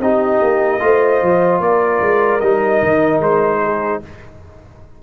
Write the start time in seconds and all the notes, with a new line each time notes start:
0.00 C4 D#4 G4 D#5
0.42 A#3
0.80 A3 F4 C5
1.22 F3
1.60 A#3 A#4 D5
2.01 G#3
2.41 G3 D#4 D#5
2.83 D#3
3.20 G#3 C5
3.63 G#4